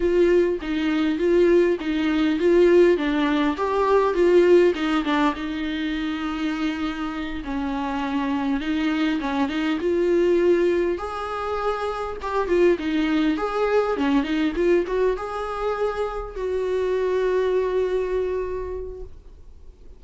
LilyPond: \new Staff \with { instrumentName = "viola" } { \time 4/4 \tempo 4 = 101 f'4 dis'4 f'4 dis'4 | f'4 d'4 g'4 f'4 | dis'8 d'8 dis'2.~ | dis'8 cis'2 dis'4 cis'8 |
dis'8 f'2 gis'4.~ | gis'8 g'8 f'8 dis'4 gis'4 cis'8 | dis'8 f'8 fis'8 gis'2 fis'8~ | fis'1 | }